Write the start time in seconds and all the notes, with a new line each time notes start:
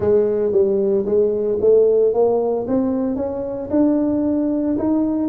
0.00 G#3
0.52 G3
1.05 G#3
1.60 A3
2.13 A#3
2.67 C4
3.16 C#4
3.70 D4
4.78 D#4